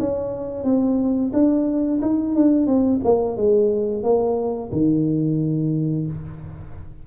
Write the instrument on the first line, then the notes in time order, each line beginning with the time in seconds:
tuba
0.00 C#4
0.65 C4
1.34 D4
2.02 D#4
2.36 D4
2.67 C4
3.04 A#3
3.37 G#3
4.04 A#3
4.72 D#3